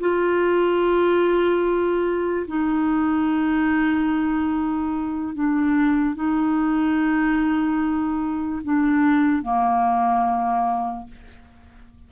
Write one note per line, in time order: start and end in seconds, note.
0.00 2.47 F4
2.48 5.35 D#4
5.35 6.15 D4
6.15 8.62 D#4
8.64 9.42 D4
9.42 11.07 A#3